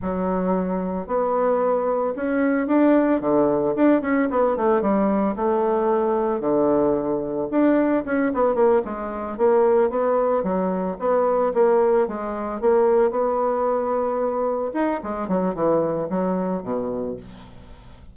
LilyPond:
\new Staff \with { instrumentName = "bassoon" } { \time 4/4 \tempo 4 = 112 fis2 b2 | cis'4 d'4 d4 d'8 cis'8 | b8 a8 g4 a2 | d2 d'4 cis'8 b8 |
ais8 gis4 ais4 b4 fis8~ | fis8 b4 ais4 gis4 ais8~ | ais8 b2. dis'8 | gis8 fis8 e4 fis4 b,4 | }